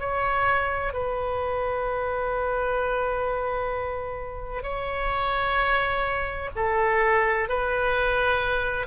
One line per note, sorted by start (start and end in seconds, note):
0.00 0.93 C#5
0.93 4.63 B4
4.63 6.50 C#5
6.56 7.49 A4
7.49 8.87 B4